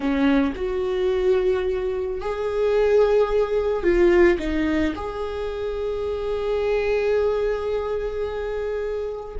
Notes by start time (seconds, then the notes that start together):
0.00 C#4
0.55 F#4
2.20 G#4
3.83 F4
4.38 D#4
4.95 G#4